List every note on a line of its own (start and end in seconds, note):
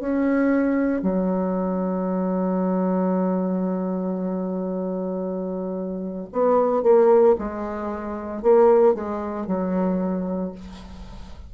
0.00 1.02 C#4
1.02 6.29 F#3
6.33 6.83 B3
6.83 7.36 A#3
7.39 8.43 G#3
8.43 8.95 A#3
8.95 9.47 G#3
9.47 10.52 F#3